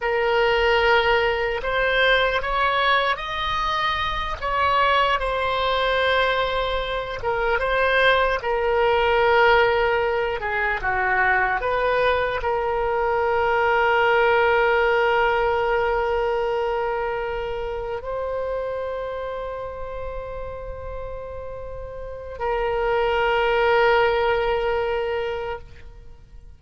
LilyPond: \new Staff \with { instrumentName = "oboe" } { \time 4/4 \tempo 4 = 75 ais'2 c''4 cis''4 | dis''4. cis''4 c''4.~ | c''4 ais'8 c''4 ais'4.~ | ais'4 gis'8 fis'4 b'4 ais'8~ |
ais'1~ | ais'2~ ais'8 c''4.~ | c''1 | ais'1 | }